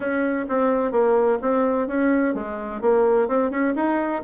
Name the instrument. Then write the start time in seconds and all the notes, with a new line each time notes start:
bassoon
0.00 C#4
0.49 C4
0.91 A#3
1.41 C4
1.87 C#4
2.34 G#3
2.81 A#3
3.27 C4
3.50 C#4
3.75 D#4